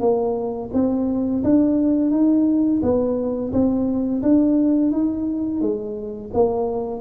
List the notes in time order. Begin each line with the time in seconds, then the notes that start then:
0.00 A#3
0.73 C4
1.43 D4
2.11 D#4
2.82 B3
3.52 C4
4.22 D4
4.92 D#4
5.61 G#3
6.33 A#3